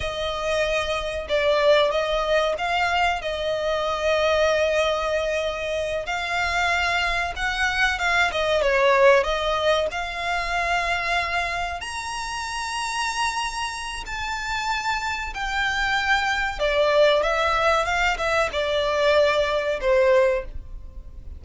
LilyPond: \new Staff \with { instrumentName = "violin" } { \time 4/4 \tempo 4 = 94 dis''2 d''4 dis''4 | f''4 dis''2.~ | dis''4. f''2 fis''8~ | fis''8 f''8 dis''8 cis''4 dis''4 f''8~ |
f''2~ f''8 ais''4.~ | ais''2 a''2 | g''2 d''4 e''4 | f''8 e''8 d''2 c''4 | }